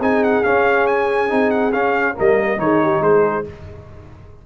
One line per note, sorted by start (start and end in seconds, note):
0.00 0.43 C4
0.00 0.44 D#4
0.00 2.14 G#4
0.00 0.24 G#5
0.24 0.44 F#5
0.44 1.29 C#4
0.44 1.31 C#4
0.44 0.87 F5
0.87 1.51 G#5
1.29 1.74 C4
1.29 1.72 D#4
1.51 1.72 F#5
1.73 2.15 C#4
1.73 2.17 C#4
1.73 2.16 F5
2.14 2.58 G3
2.14 2.58 A#3
2.14 2.58 A#4
2.14 2.60 D#5
2.58 3.01 D#3
2.58 3.44 D#4
2.58 2.83 G#4
2.58 3.03 C#5
2.83 3.02 G4
3.01 3.44 G#3
3.01 3.45 G#4
3.01 3.46 C5